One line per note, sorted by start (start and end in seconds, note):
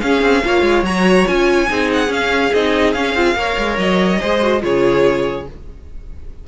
0.00 0.42 C#4
0.00 0.22 C#4
0.00 0.45 G#4
0.00 0.84 F5
0.22 0.43 C4
0.42 0.61 A#3
0.42 0.84 F4
0.42 1.69 C#5
0.61 0.82 G#3
0.82 1.24 F#3
0.82 1.26 F#4
0.82 1.27 A#5
1.26 1.69 C#4
1.26 1.68 F4
1.26 1.90 G#5
1.69 2.09 C4
1.69 2.07 D#4
1.69 3.37 G#4
1.93 2.12 F#5
2.07 2.49 C#4
2.07 2.51 C#4
2.07 2.53 F5
2.53 2.95 C4
2.53 2.95 D#4
2.53 2.92 D#5
2.92 3.13 C#4
2.92 3.16 C#4
2.92 3.76 F5
3.13 3.34 C4
3.13 3.35 F4
3.35 3.56 A#3
3.35 4.19 A#4
3.35 4.19 C#5
3.57 3.78 G#3
3.78 4.19 F#3
3.78 4.62 D#5
4.19 4.63 G#3
4.19 4.41 G#4
4.19 4.61 C5
4.41 4.60 F#4
4.60 5.47 C#3
4.60 5.44 F4
4.60 5.47 G#4
4.60 5.47 C#5